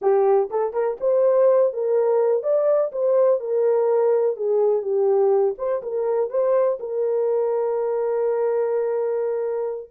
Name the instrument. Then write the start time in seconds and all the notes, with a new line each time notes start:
horn
0.01 G4
0.50 A4
0.73 A#4
1.00 C5
1.73 A#4
2.42 D5
2.92 C5
3.40 A#4
4.36 G#4
4.81 G4
5.58 C5
5.82 A#4
6.29 C5
6.79 A#4